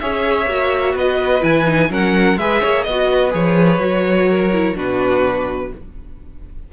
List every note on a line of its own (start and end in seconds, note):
0.00 0.47 C#4
0.00 0.49 G#4
0.00 0.94 C#5
0.00 0.95 E5
0.47 0.94 A#3
0.47 1.41 F#4
0.94 1.42 B3
0.94 1.89 B4
0.94 1.43 D#5
1.41 1.90 E3
1.41 1.65 E4
1.41 1.91 G#5
1.65 1.89 D#4
1.90 2.37 F#3
1.90 2.37 C#4
1.90 2.39 A#4
1.90 2.38 F#5
2.37 2.61 G#3
2.37 2.88 G#4
2.37 2.61 B4
2.37 2.83 E5
2.61 2.86 A#3
2.61 2.85 C#5
2.83 3.34 B3
2.83 3.31 D#5
2.83 3.09 D#5
2.90 3.31 F#4
3.12 4.29 B4
3.31 3.79 F3
3.31 3.78 G#4
3.31 4.77 C#5
3.79 4.74 F#3
3.79 4.51 F#4
4.29 4.76 A#4
4.52 4.75 E4
4.75 5.72 B2
4.75 5.71 D4
4.75 5.71 F#4
4.75 5.73 B4